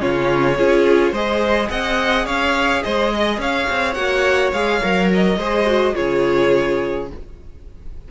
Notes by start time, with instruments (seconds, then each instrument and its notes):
0.00 cello C#3, viola C#4, violin F4 C#5
0.57 cello C#4, viola F4, violin G#4
1.12 cello G#3, viola G#4, violin C5 D#5
1.70 cello C4, violin D#5 F#5
2.26 cello C#4, violin C#5 F5
2.83 cello G#3, violin C5 D#5
3.15 violin D#5
3.38 cello C#4, violin C#5 F5
3.70 cello C4
3.94 cello A#3, viola F#4, violin F#5
4.53 cello G#3, viola G#4, violin F5
4.82 cello F#3, viola A#4
5.14 violin D#5
5.37 cello G#3, viola G#4, violin C5
5.66 viola F#4
5.94 cello C#3, viola F4, violin G#4 C#5